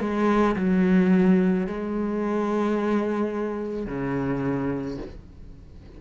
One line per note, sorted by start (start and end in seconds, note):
0.00 0.56 G#3
0.56 1.67 F#3
1.67 3.86 G#3
3.86 4.97 C#3